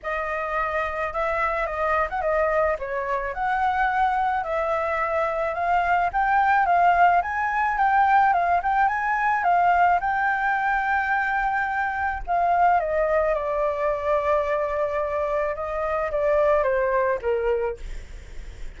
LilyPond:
\new Staff \with { instrumentName = "flute" } { \time 4/4 \tempo 4 = 108 dis''2 e''4 dis''8. fis''16 | dis''4 cis''4 fis''2 | e''2 f''4 g''4 | f''4 gis''4 g''4 f''8 g''8 |
gis''4 f''4 g''2~ | g''2 f''4 dis''4 | d''1 | dis''4 d''4 c''4 ais'4 | }